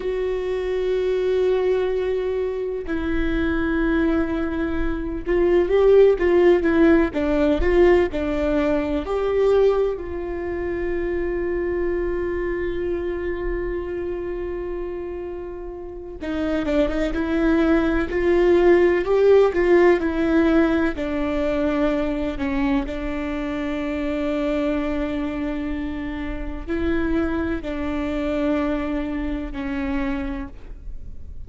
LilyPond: \new Staff \with { instrumentName = "viola" } { \time 4/4 \tempo 4 = 63 fis'2. e'4~ | e'4. f'8 g'8 f'8 e'8 d'8 | f'8 d'4 g'4 f'4.~ | f'1~ |
f'4 dis'8 d'16 dis'16 e'4 f'4 | g'8 f'8 e'4 d'4. cis'8 | d'1 | e'4 d'2 cis'4 | }